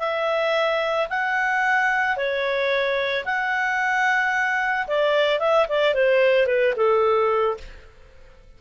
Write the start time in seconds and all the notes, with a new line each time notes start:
0.00 E5
1.10 F#5
2.17 C#5
3.25 F#5
4.88 D5
5.40 E5
5.69 D5
5.94 C5
6.47 B4
6.76 A4